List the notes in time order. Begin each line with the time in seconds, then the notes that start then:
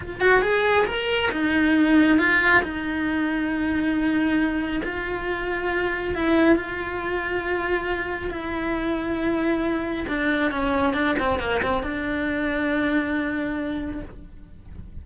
0.00 F4
0.20 F#4
0.42 G#4
0.86 A#4
1.31 D#4
2.18 F4
2.62 D#4
4.84 F4
6.14 E4
6.56 F4
8.30 E4
10.08 D4
10.51 C#4
10.93 D4
11.19 C4
11.39 A#3
11.62 C4
11.82 D4